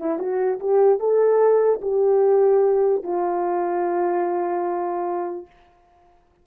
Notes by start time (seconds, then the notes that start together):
0.00 E4
0.19 F#4
0.60 G4
1.00 A4
1.82 G4
3.04 F4